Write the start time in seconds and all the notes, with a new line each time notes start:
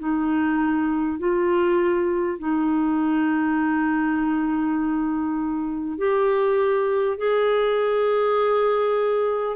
0.00 D#4
1.19 F4
2.39 D#4
5.99 G4
7.18 G#4